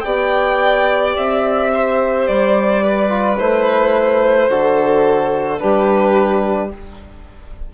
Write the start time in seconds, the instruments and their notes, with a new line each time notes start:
0.00 bassoon B3, trombone G4, violin D5 G5
1.16 bassoon C4, violin E5
1.73 violin C5
2.27 bassoon G3, violin D5
2.83 violin B4
3.09 trombone F4
3.38 bassoon A3, trombone E4, violin C5
4.48 bassoon D3, trombone F#4, violin A4
5.58 bassoon G3, trombone D4, violin G4 B4